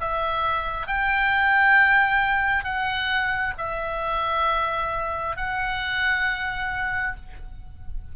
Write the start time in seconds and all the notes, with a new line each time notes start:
0.00 E5
0.87 G5
2.64 F#5
3.57 E5
5.36 F#5